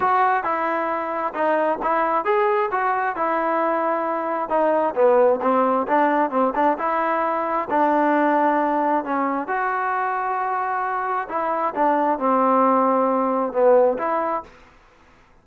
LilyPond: \new Staff \with { instrumentName = "trombone" } { \time 4/4 \tempo 4 = 133 fis'4 e'2 dis'4 | e'4 gis'4 fis'4 e'4~ | e'2 dis'4 b4 | c'4 d'4 c'8 d'8 e'4~ |
e'4 d'2. | cis'4 fis'2.~ | fis'4 e'4 d'4 c'4~ | c'2 b4 e'4 | }